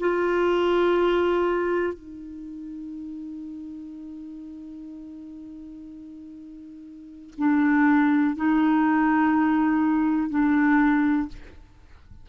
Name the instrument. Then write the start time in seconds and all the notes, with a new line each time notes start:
clarinet
0.00 F4
1.93 D#4
7.38 D4
8.36 D#4
10.30 D4